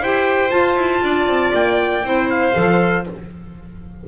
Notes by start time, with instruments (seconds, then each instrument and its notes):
0.00 double bass E4, clarinet G4, violin C5, trumpet G5
0.49 clarinet F4, double bass F4, trumpet A5
0.76 double bass E4
1.02 double bass D4, violin D5
1.26 double bass C4
1.53 double bass A#3, trumpet G5
2.03 double bass C4, clarinet E4, violin C5
2.29 trumpet F5
2.53 double bass F3, clarinet A4